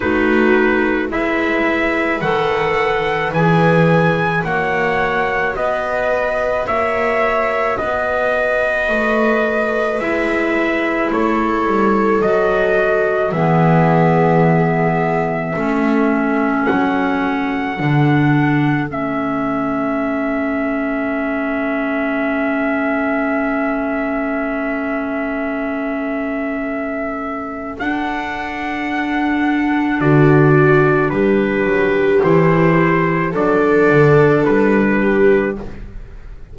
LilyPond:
<<
  \new Staff \with { instrumentName = "trumpet" } { \time 4/4 \tempo 4 = 54 b'4 e''4 fis''4 gis''4 | fis''4 dis''4 e''4 dis''4~ | dis''4 e''4 cis''4 dis''4 | e''2. fis''4~ |
fis''4 e''2.~ | e''1~ | e''4 fis''2 d''4 | b'4 c''4 d''4 b'4 | }
  \new Staff \with { instrumentName = "viola" } { \time 4/4 fis'4 b'2. | cis''4 b'4 cis''4 b'4~ | b'2 a'2 | gis'2 a'2~ |
a'1~ | a'1~ | a'2. fis'4 | g'2 a'4. g'8 | }
  \new Staff \with { instrumentName = "clarinet" } { \time 4/4 dis'4 e'4 a'4 gis'4 | fis'1~ | fis'4 e'2 fis'4 | b2 cis'2 |
d'4 cis'2.~ | cis'1~ | cis'4 d'2.~ | d'4 e'4 d'2 | }
  \new Staff \with { instrumentName = "double bass" } { \time 4/4 a4 gis4 dis4 e4 | ais4 b4 ais4 b4 | a4 gis4 a8 g8 fis4 | e2 a4 fis4 |
d4 a2.~ | a1~ | a4 d'2 d4 | g8 fis8 e4 fis8 d8 g4 | }
>>